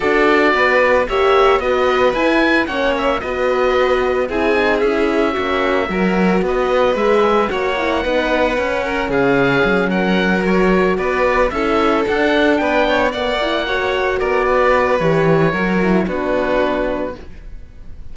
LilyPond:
<<
  \new Staff \with { instrumentName = "oboe" } { \time 4/4 \tempo 4 = 112 d''2 e''4 dis''4 | gis''4 fis''8 e''8 dis''2 | gis''4 e''2. | dis''4 e''4 fis''2~ |
fis''4 f''4. fis''4 cis''8~ | cis''8 d''4 e''4 fis''4 g''8~ | g''8 fis''2 d''4. | cis''2 b'2 | }
  \new Staff \with { instrumentName = "violin" } { \time 4/4 a'4 b'4 cis''4 b'4~ | b'4 cis''4 b'2 | gis'2 fis'4 ais'4 | b'2 cis''4 b'4~ |
b'8 ais'8 gis'4. ais'4.~ | ais'8 b'4 a'2 b'8 | cis''8 d''4 cis''4 ais'8 b'4~ | b'4 ais'4 fis'2 | }
  \new Staff \with { instrumentName = "horn" } { \time 4/4 fis'2 g'4 fis'4 | e'4 cis'4 fis'2 | e'8 dis'8 e'4 cis'4 fis'4~ | fis'4 gis'4 fis'8 e'8 dis'4 |
cis'2.~ cis'8 fis'8~ | fis'4. e'4 d'4.~ | d'8 b8 e'8 fis'2~ fis'8 | g'4 fis'8 e'8 d'2 | }
  \new Staff \with { instrumentName = "cello" } { \time 4/4 d'4 b4 ais4 b4 | e'4 ais4 b2 | c'4 cis'4 ais4 fis4 | b4 gis4 ais4 b4 |
cis'4 cis4 fis2~ | fis8 b4 cis'4 d'4 b8~ | b8 ais2 b4. | e4 fis4 b2 | }
>>